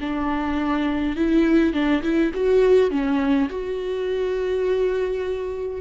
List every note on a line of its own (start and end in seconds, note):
0.00 1.16 D4
1.16 1.73 E4
1.73 2.02 D4
2.03 2.32 E4
2.34 2.90 F#4
2.90 3.48 C#4
3.49 5.81 F#4